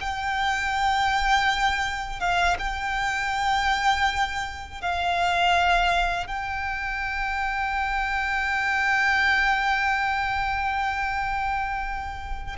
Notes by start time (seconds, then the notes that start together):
0.00 G5
2.20 F5
2.59 G5
4.81 F5
6.26 G5